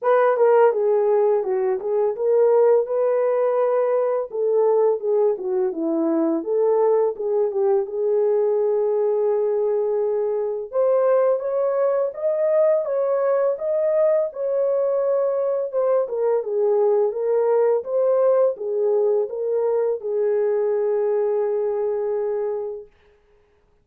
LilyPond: \new Staff \with { instrumentName = "horn" } { \time 4/4 \tempo 4 = 84 b'8 ais'8 gis'4 fis'8 gis'8 ais'4 | b'2 a'4 gis'8 fis'8 | e'4 a'4 gis'8 g'8 gis'4~ | gis'2. c''4 |
cis''4 dis''4 cis''4 dis''4 | cis''2 c''8 ais'8 gis'4 | ais'4 c''4 gis'4 ais'4 | gis'1 | }